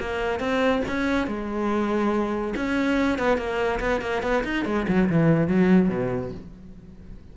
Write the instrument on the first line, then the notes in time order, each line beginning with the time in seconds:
cello
0.00 A#3
0.40 C4
0.88 C#4
1.27 G#3
2.56 C#4
3.19 B3
3.38 A#3
3.80 B3
4.01 A#3
4.22 B3
4.44 D#4
4.65 G#3
4.88 F#3
5.09 E3
5.48 F#3
5.89 B2